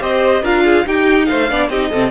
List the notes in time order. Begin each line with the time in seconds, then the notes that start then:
0.00 C4 G4 C5 D#5
0.42 D4 F4 A#4 F5
0.64 G#4
0.85 D#4 G4 G5
1.25 A3 C5 F5
1.50 B3 D4 D5
1.69 C4 D#4 G4 D#5
1.90 C3 C4 A4